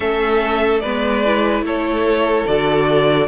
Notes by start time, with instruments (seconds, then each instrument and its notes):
0.00 cello A3, viola C#4, violin A4 E5
0.80 cello G#3, viola B3, violin B4 D5
1.25 viola E4
1.61 cello A3, violin A4 C#5
2.46 cello D3, viola F#4, violin D5